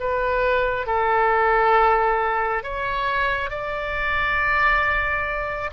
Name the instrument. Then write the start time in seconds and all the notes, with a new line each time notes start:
oboe
0.00 B4
0.86 A4
2.63 C#5
3.50 D5